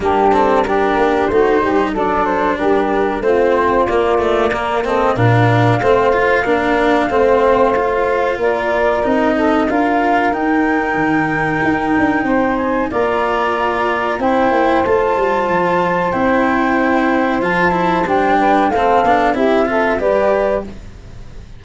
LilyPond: <<
  \new Staff \with { instrumentName = "flute" } { \time 4/4 \tempo 4 = 93 g'8 a'8 ais'4 c''4 d''8 c''8 | ais'4 c''4 d''4. dis''8 | f''1~ | f''4 d''4 dis''4 f''4 |
g''2.~ g''8 gis''8 | ais''2 g''4 a''4~ | a''4 g''2 a''4 | g''4 f''4 e''4 d''4 | }
  \new Staff \with { instrumentName = "saxophone" } { \time 4/4 d'4 g'4 fis'8 g'8 a'4 | g'4 f'2 ais'8 a'8 | ais'4 c''4 ais'4 c''4~ | c''4 ais'4. a'8 ais'4~ |
ais'2. c''4 | d''2 c''2~ | c''1~ | c''8 b'8 a'4 g'8 a'8 b'4 | }
  \new Staff \with { instrumentName = "cello" } { \time 4/4 ais8 c'8 d'4 dis'4 d'4~ | d'4 c'4 ais8 a8 ais8 c'8 | d'4 c'8 f'8 d'4 c'4 | f'2 dis'4 f'4 |
dis'1 | f'2 e'4 f'4~ | f'4 e'2 f'8 e'8 | d'4 c'8 d'8 e'8 f'8 g'4 | }
  \new Staff \with { instrumentName = "tuba" } { \time 4/4 g4. ais8 a8 g8 fis4 | g4 a4 ais2 | ais,4 a4 ais4 a4~ | a4 ais4 c'4 d'4 |
dis'4 dis4 dis'8 d'8 c'4 | ais2 c'8 ais8 a8 g8 | f4 c'2 f4 | g4 a8 b8 c'4 g4 | }
>>